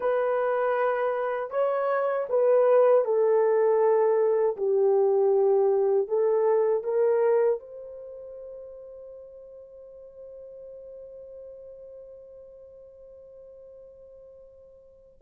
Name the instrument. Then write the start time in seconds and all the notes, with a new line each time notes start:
horn
0.00 B4
1.50 C#5
2.29 B4
3.04 A4
4.56 G4
6.08 A4
6.83 A#4
7.59 C5